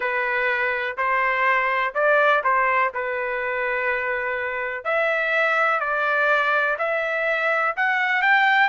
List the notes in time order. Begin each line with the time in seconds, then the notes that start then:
0.00 B4
0.97 C5
1.94 D5
2.43 C5
2.94 B4
4.84 E5
5.79 D5
6.78 E5
7.76 F#5
8.22 G5